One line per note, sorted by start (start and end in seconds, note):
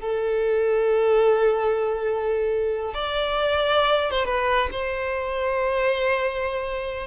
0.00 2.94 A4
2.94 4.10 D5
4.10 4.25 C5
4.25 4.69 B4
4.71 7.06 C5